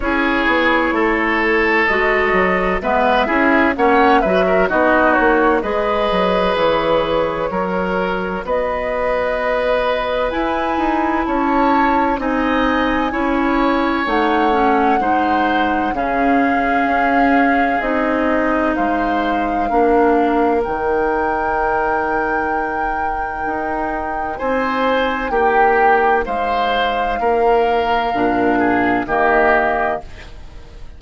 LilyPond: <<
  \new Staff \with { instrumentName = "flute" } { \time 4/4 \tempo 4 = 64 cis''2 dis''4 e''4 | fis''8 e''8 dis''8 cis''8 dis''4 cis''4~ | cis''4 dis''2 gis''4 | a''4 gis''2 fis''4~ |
fis''4 f''2 dis''4 | f''2 g''2~ | g''2 gis''4 g''4 | f''2. dis''4 | }
  \new Staff \with { instrumentName = "oboe" } { \time 4/4 gis'4 a'2 b'8 gis'8 | cis''8 b'16 ais'16 fis'4 b'2 | ais'4 b'2. | cis''4 dis''4 cis''2 |
c''4 gis'2. | c''4 ais'2.~ | ais'2 c''4 g'4 | c''4 ais'4. gis'8 g'4 | }
  \new Staff \with { instrumentName = "clarinet" } { \time 4/4 e'2 fis'4 b8 e'8 | cis'8 fis'8 dis'4 gis'2 | fis'2. e'4~ | e'4 dis'4 e'4 dis'8 cis'8 |
dis'4 cis'2 dis'4~ | dis'4 d'4 dis'2~ | dis'1~ | dis'2 d'4 ais4 | }
  \new Staff \with { instrumentName = "bassoon" } { \time 4/4 cis'8 b8 a4 gis8 fis8 gis8 cis'8 | ais8 fis8 b8 ais8 gis8 fis8 e4 | fis4 b2 e'8 dis'8 | cis'4 c'4 cis'4 a4 |
gis4 cis4 cis'4 c'4 | gis4 ais4 dis2~ | dis4 dis'4 c'4 ais4 | gis4 ais4 ais,4 dis4 | }
>>